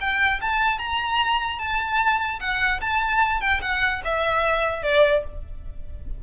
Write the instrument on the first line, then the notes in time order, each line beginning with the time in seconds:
violin
0.00 G5
0.41 A5
0.78 A#5
1.59 A5
2.40 F#5
2.80 A5
3.41 G5
3.61 F#5
4.04 E5
4.82 D5